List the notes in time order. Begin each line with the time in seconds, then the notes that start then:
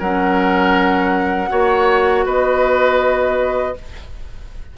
0.00 F#3 C#4 A#4 F#5
1.49 A#3 F#4 C#5
2.26 B3 B4 D#5